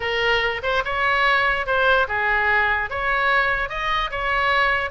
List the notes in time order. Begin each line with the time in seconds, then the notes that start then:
0.00 A#4
0.62 C5
0.84 C#5
1.66 C5
2.08 G#4
2.90 C#5
3.69 D#5
4.11 C#5